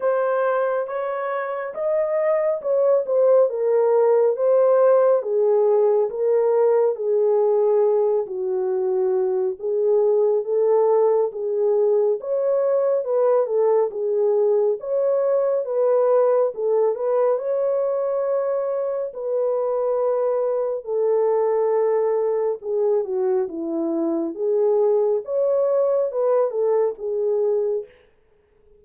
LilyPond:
\new Staff \with { instrumentName = "horn" } { \time 4/4 \tempo 4 = 69 c''4 cis''4 dis''4 cis''8 c''8 | ais'4 c''4 gis'4 ais'4 | gis'4. fis'4. gis'4 | a'4 gis'4 cis''4 b'8 a'8 |
gis'4 cis''4 b'4 a'8 b'8 | cis''2 b'2 | a'2 gis'8 fis'8 e'4 | gis'4 cis''4 b'8 a'8 gis'4 | }